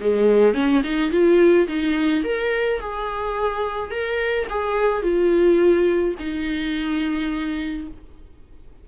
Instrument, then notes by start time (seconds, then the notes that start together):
viola
0.00 G#3
0.54 C#4
0.83 D#4
1.11 F4
1.67 D#4
2.24 A#4
2.80 G#4
3.90 A#4
4.49 G#4
5.02 F4
6.19 D#4